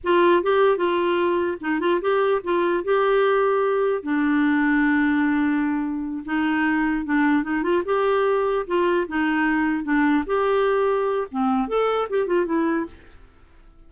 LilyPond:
\new Staff \with { instrumentName = "clarinet" } { \time 4/4 \tempo 4 = 149 f'4 g'4 f'2 | dis'8 f'8 g'4 f'4 g'4~ | g'2 d'2~ | d'2.~ d'8 dis'8~ |
dis'4. d'4 dis'8 f'8 g'8~ | g'4. f'4 dis'4.~ | dis'8 d'4 g'2~ g'8 | c'4 a'4 g'8 f'8 e'4 | }